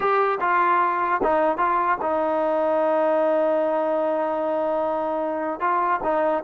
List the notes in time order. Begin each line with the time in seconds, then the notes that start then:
0.00 G4
0.40 F4
1.23 D#4
1.57 F4
2.01 D#4
5.60 F4
6.03 D#4